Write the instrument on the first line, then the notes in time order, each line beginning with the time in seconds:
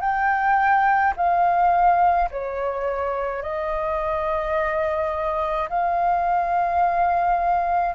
flute
0.00 G5
1.16 F5
2.31 C#5
3.42 D#5
5.69 F5